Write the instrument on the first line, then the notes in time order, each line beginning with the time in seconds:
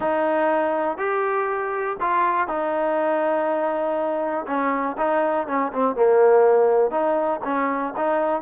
trombone
0.00 D#4
0.97 G4
2.00 F4
2.47 D#4
4.47 C#4
4.97 D#4
5.47 C#4
5.72 C4
5.95 A#3
6.90 D#4
7.44 C#4
7.96 D#4